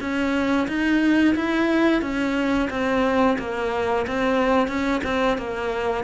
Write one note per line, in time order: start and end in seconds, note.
0.00 0.67 C#4
0.68 1.35 D#4
1.35 2.01 E4
2.01 2.69 C#4
2.70 3.37 C4
3.39 4.06 A#3
4.07 4.68 C4
4.68 5.01 C#4
5.04 5.37 C4
5.38 6.04 A#3